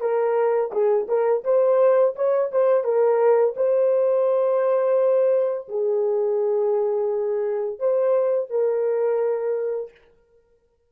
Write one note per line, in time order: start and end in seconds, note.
0.00 0.71 A#4
0.72 1.07 G#4
1.08 1.43 A#4
1.44 2.14 C5
2.15 2.50 C#5
2.51 2.83 C5
2.83 3.54 A#4
3.56 5.68 C5
5.68 7.79 G#4
7.79 8.50 C5
8.50 9.91 A#4